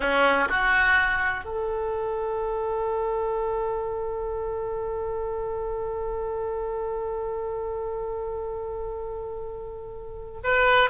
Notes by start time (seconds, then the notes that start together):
0.00 C#4
0.49 F#4
1.44 A4
10.43 B4